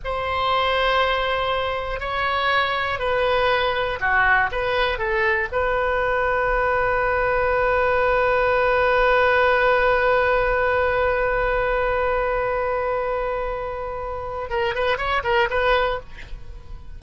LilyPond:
\new Staff \with { instrumentName = "oboe" } { \time 4/4 \tempo 4 = 120 c''1 | cis''2 b'2 | fis'4 b'4 a'4 b'4~ | b'1~ |
b'1~ | b'1~ | b'1~ | b'4 ais'8 b'8 cis''8 ais'8 b'4 | }